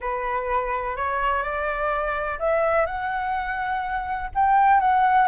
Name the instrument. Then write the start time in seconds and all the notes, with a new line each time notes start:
flute
0.00 B4
0.96 C#5
1.42 D5
2.39 E5
2.86 F#5
4.35 G5
4.80 F#5